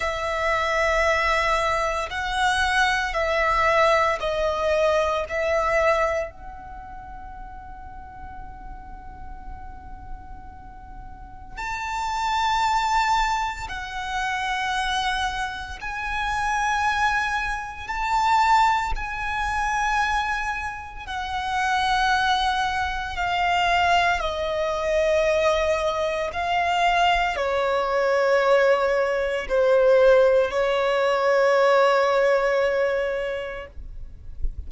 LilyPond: \new Staff \with { instrumentName = "violin" } { \time 4/4 \tempo 4 = 57 e''2 fis''4 e''4 | dis''4 e''4 fis''2~ | fis''2. a''4~ | a''4 fis''2 gis''4~ |
gis''4 a''4 gis''2 | fis''2 f''4 dis''4~ | dis''4 f''4 cis''2 | c''4 cis''2. | }